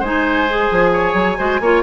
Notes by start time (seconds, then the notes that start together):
0.00 G#3 D#4 C5 G#5
0.48 G#4
0.71 F3
0.93 C#5
1.14 F#3
1.37 G#3 F#4 C5
1.61 A#3 F4 C#5